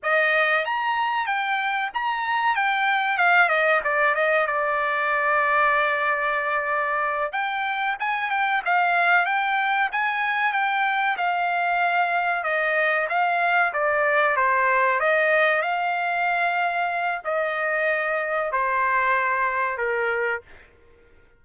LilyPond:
\new Staff \with { instrumentName = "trumpet" } { \time 4/4 \tempo 4 = 94 dis''4 ais''4 g''4 ais''4 | g''4 f''8 dis''8 d''8 dis''8 d''4~ | d''2.~ d''8 g''8~ | g''8 gis''8 g''8 f''4 g''4 gis''8~ |
gis''8 g''4 f''2 dis''8~ | dis''8 f''4 d''4 c''4 dis''8~ | dis''8 f''2~ f''8 dis''4~ | dis''4 c''2 ais'4 | }